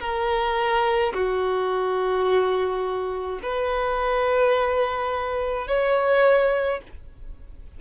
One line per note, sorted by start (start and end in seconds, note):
0.00 1.13 A#4
1.14 3.40 F#4
3.43 5.68 B4
5.68 6.81 C#5